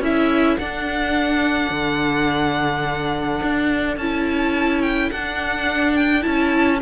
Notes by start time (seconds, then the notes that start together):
0.00 C#4 E4 A4 E5
0.57 D4 F#5
1.70 D3
3.42 D4
3.97 C#4 E4 A5
4.82 G5
5.11 D4 F#5
5.96 G5
6.21 C#4 E4 A5